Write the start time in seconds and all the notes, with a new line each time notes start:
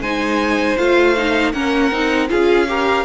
0.00 G#3 D#4 C5 G#5
0.77 A3 F4 F5
1.16 D#4
1.52 A#3 C#4 A#4 F#5
1.91 C4 D#4
2.28 C#4 F4 G#4 F5
2.68 G4 A#4